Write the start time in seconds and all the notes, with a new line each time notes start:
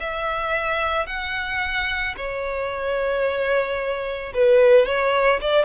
0.00 E5
1.07 F#5
2.17 C#5
4.34 B4
4.86 C#5
5.41 D5